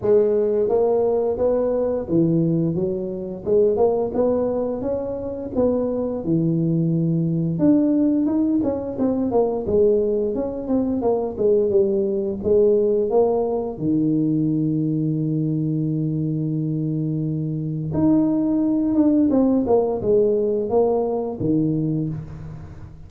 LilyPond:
\new Staff \with { instrumentName = "tuba" } { \time 4/4 \tempo 4 = 87 gis4 ais4 b4 e4 | fis4 gis8 ais8 b4 cis'4 | b4 e2 d'4 | dis'8 cis'8 c'8 ais8 gis4 cis'8 c'8 |
ais8 gis8 g4 gis4 ais4 | dis1~ | dis2 dis'4. d'8 | c'8 ais8 gis4 ais4 dis4 | }